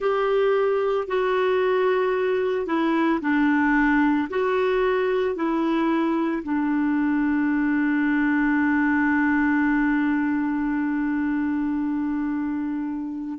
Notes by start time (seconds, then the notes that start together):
0.00 G4
1.07 F#4
2.66 E4
3.21 D4
4.29 F#4
5.35 E4
6.43 D4